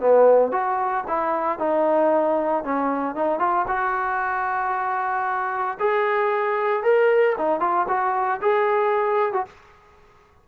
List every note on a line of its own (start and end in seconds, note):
0.00 0.52 B3
0.52 1.04 F#4
1.08 1.59 E4
1.59 2.64 D#4
2.64 3.15 C#4
3.15 3.39 D#4
3.39 3.66 F4
3.67 5.78 F#4
5.80 6.83 G#4
6.83 7.36 A#4
7.38 7.60 D#4
7.60 7.86 F4
7.88 8.40 F#4
8.42 9.33 G#4
9.33 9.46 F#4